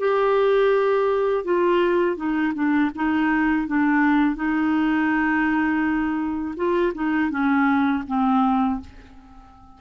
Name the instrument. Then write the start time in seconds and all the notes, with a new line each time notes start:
clarinet
0.00 G4
1.45 F4
2.17 D#4
2.55 D4
2.96 D#4
3.68 D4
4.36 D#4
6.57 F4
6.95 D#4
7.31 C#4
8.08 C4